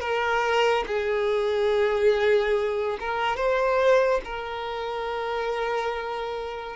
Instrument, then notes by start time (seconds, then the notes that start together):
violin
0.00 A#4
0.87 G#4
3.00 A#4
3.36 C5
4.24 A#4